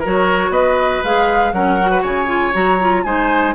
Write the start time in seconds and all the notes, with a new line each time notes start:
0.00 F#3 F#4 A#4 C#5
0.50 B3 B4 D#5
1.04 G#3 G#4 F5
1.53 F#3 C#4 A#4 F#5
1.81 F#4
1.91 B4
2.02 C#3 C#5 G#5
2.27 F4
2.54 F#3 F#4 A#5
2.81 F4
3.03 G#3 D#4 C5 G#5